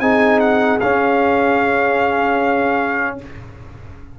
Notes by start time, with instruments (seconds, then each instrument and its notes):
0.00 tuba C4, trombone D#4, horn G#4, trumpet G#5
0.40 trumpet F#5
0.80 trombone C#4, tuba C#4, trumpet F5